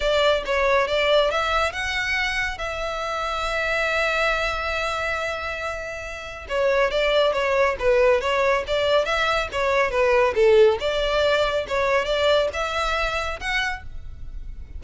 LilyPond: \new Staff \with { instrumentName = "violin" } { \time 4/4 \tempo 4 = 139 d''4 cis''4 d''4 e''4 | fis''2 e''2~ | e''1~ | e''2. cis''4 |
d''4 cis''4 b'4 cis''4 | d''4 e''4 cis''4 b'4 | a'4 d''2 cis''4 | d''4 e''2 fis''4 | }